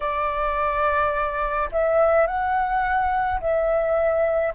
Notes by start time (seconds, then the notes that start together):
0.00 D5
1.71 E5
2.26 F#5
3.40 E5